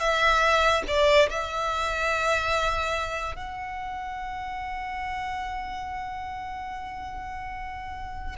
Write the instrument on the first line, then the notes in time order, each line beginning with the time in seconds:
violin
0.00 E5
0.88 D5
1.30 E5
3.36 F#5